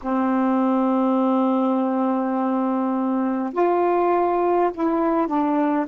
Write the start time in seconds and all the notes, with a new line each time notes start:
0.02 C4
3.53 F4
4.73 E4
5.27 D4